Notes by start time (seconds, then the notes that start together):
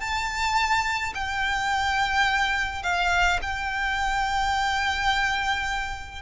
0.00 A5
1.14 G5
2.83 F5
3.42 G5